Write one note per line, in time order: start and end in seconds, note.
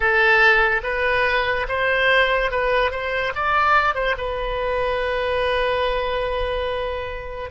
0.00 0.81 A4
0.83 1.66 B4
1.68 2.51 C5
2.51 2.91 B4
2.91 3.32 C5
3.35 3.94 D5
3.94 4.15 C5
4.17 7.50 B4